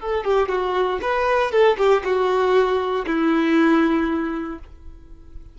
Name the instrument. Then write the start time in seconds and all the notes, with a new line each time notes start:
violin
0.00 A4
0.24 G4
0.49 F#4
1.02 B4
1.52 A4
1.78 G4
2.04 F#4
3.06 E4